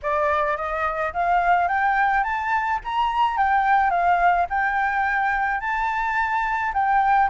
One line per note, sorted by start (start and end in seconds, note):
0.02 0.56 D5
0.56 1.12 D#5
1.13 1.68 F5
1.68 2.23 G5
2.23 2.79 A5
2.84 3.37 A#5
3.37 3.90 G5
3.90 4.46 F5
4.49 5.60 G5
5.60 6.72 A5
6.73 7.29 G5